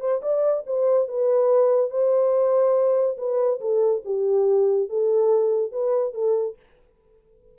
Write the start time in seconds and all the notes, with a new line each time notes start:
0.00 C5
0.22 D5
0.66 C5
1.08 B4
1.90 C5
3.18 B4
3.60 A4
4.05 G4
4.89 A4
5.72 B4
6.14 A4